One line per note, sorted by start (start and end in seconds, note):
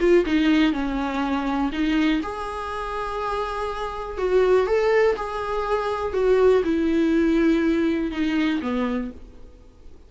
0.00 0.25 F4
0.26 0.73 D#4
0.73 1.71 C#4
1.73 2.22 D#4
2.23 4.18 G#4
4.18 4.67 F#4
4.67 5.16 A4
5.16 6.13 G#4
6.13 6.63 F#4
6.65 8.11 E4
8.11 8.61 D#4
8.62 9.11 B3